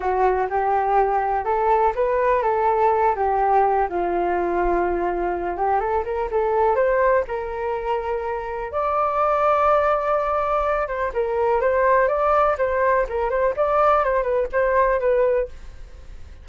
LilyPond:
\new Staff \with { instrumentName = "flute" } { \time 4/4 \tempo 4 = 124 fis'4 g'2 a'4 | b'4 a'4. g'4. | f'2.~ f'8 g'8 | a'8 ais'8 a'4 c''4 ais'4~ |
ais'2 d''2~ | d''2~ d''8 c''8 ais'4 | c''4 d''4 c''4 ais'8 c''8 | d''4 c''8 b'8 c''4 b'4 | }